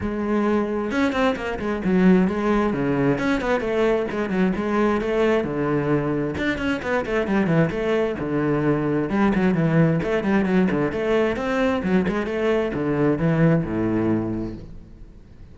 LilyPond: \new Staff \with { instrumentName = "cello" } { \time 4/4 \tempo 4 = 132 gis2 cis'8 c'8 ais8 gis8 | fis4 gis4 cis4 cis'8 b8 | a4 gis8 fis8 gis4 a4 | d2 d'8 cis'8 b8 a8 |
g8 e8 a4 d2 | g8 fis8 e4 a8 g8 fis8 d8 | a4 c'4 fis8 gis8 a4 | d4 e4 a,2 | }